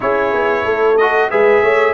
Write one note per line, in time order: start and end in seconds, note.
0.00 0.33 C#4
0.00 0.96 E4
0.00 0.64 G#4
0.00 0.97 C#5
0.33 0.65 B3
0.64 1.30 A3
0.64 1.29 A4
0.97 1.30 F#4
0.97 1.29 D#5
1.30 1.61 G#3
1.30 1.93 G#4
1.30 1.62 B4
1.30 1.93 E5
1.61 1.93 A3
1.61 1.93 C#5